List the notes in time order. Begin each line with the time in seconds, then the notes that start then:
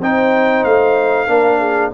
0.00 C4 D#4 C5 G5
0.64 A3 F5
1.28 A#3 D4 A#4
1.59 G#4